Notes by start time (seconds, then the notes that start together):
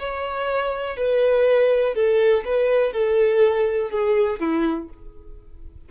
0.00 C#5
0.97 B4
1.95 A4
2.45 B4
2.94 A4
3.91 G#4
4.40 E4